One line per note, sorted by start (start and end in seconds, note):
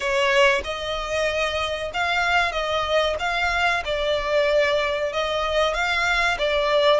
0.00 0.61 C#5
0.64 1.91 D#5
1.93 2.52 F5
2.52 3.16 D#5
3.19 3.83 F5
3.85 5.12 D5
5.12 5.73 D#5
5.73 6.37 F5
6.38 7.00 D5